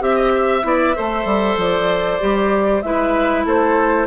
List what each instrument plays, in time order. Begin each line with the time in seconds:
0.00 bassoon C4, clarinet G4, flute E5, oboe E5
0.15 oboe D#5
0.35 oboe E5
0.62 bassoon B3, clarinet E4, oboe D5
0.96 bassoon A3, clarinet A4, oboe C5
1.25 bassoon G3
1.56 bassoon F3, flute D5
2.20 bassoon G3, clarinet G4
2.82 bassoon G#3, clarinet E4, oboe B4, flute E5
3.45 bassoon A3, oboe A4, flute C5